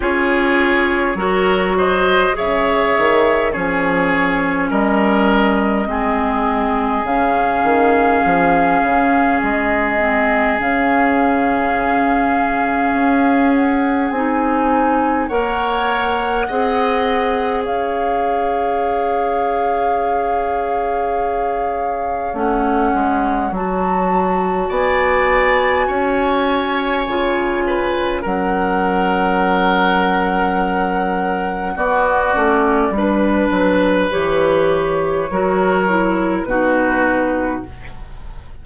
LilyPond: <<
  \new Staff \with { instrumentName = "flute" } { \time 4/4 \tempo 4 = 51 cis''4. dis''8 e''4 cis''4 | dis''2 f''2 | dis''4 f''2~ f''8 fis''8 | gis''4 fis''2 f''4~ |
f''2. fis''4 | a''4 gis''2. | fis''2. d''4 | b'4 cis''2 b'4 | }
  \new Staff \with { instrumentName = "oboe" } { \time 4/4 gis'4 ais'8 c''8 cis''4 gis'4 | ais'4 gis'2.~ | gis'1~ | gis'4 cis''4 dis''4 cis''4~ |
cis''1~ | cis''4 d''4 cis''4. b'8 | ais'2. fis'4 | b'2 ais'4 fis'4 | }
  \new Staff \with { instrumentName = "clarinet" } { \time 4/4 f'4 fis'4 gis'4 cis'4~ | cis'4 c'4 cis'2~ | cis'8 c'8 cis'2. | dis'4 ais'4 gis'2~ |
gis'2. cis'4 | fis'2. f'4 | cis'2. b8 cis'8 | d'4 g'4 fis'8 e'8 dis'4 | }
  \new Staff \with { instrumentName = "bassoon" } { \time 4/4 cis'4 fis4 cis8 dis8 f4 | g4 gis4 cis8 dis8 f8 cis8 | gis4 cis2 cis'4 | c'4 ais4 c'4 cis'4~ |
cis'2. a8 gis8 | fis4 b4 cis'4 cis4 | fis2. b8 a8 | g8 fis8 e4 fis4 b,4 | }
>>